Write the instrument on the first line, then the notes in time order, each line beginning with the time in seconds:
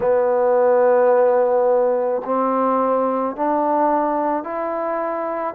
trombone
0.00 B3
2.24 C4
3.35 D4
4.43 E4